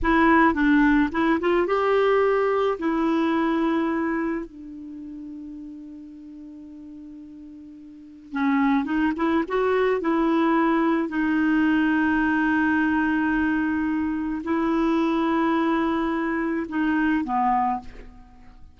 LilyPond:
\new Staff \with { instrumentName = "clarinet" } { \time 4/4 \tempo 4 = 108 e'4 d'4 e'8 f'8 g'4~ | g'4 e'2. | d'1~ | d'2. cis'4 |
dis'8 e'8 fis'4 e'2 | dis'1~ | dis'2 e'2~ | e'2 dis'4 b4 | }